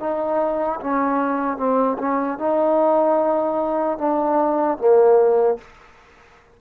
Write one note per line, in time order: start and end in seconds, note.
0.00 0.80 D#4
0.81 1.57 C#4
1.57 1.97 C4
1.99 2.39 C#4
2.39 3.99 D#4
3.99 4.79 D4
4.79 5.59 A#3